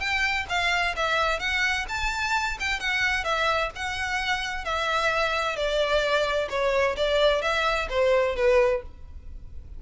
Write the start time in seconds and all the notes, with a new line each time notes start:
0.00 G5
0.49 F5
0.96 E5
1.40 F#5
1.89 A5
2.60 G5
2.80 F#5
3.24 E5
3.75 F#5
4.65 E5
5.56 D5
6.50 C#5
6.97 D5
7.42 E5
7.90 C5
8.36 B4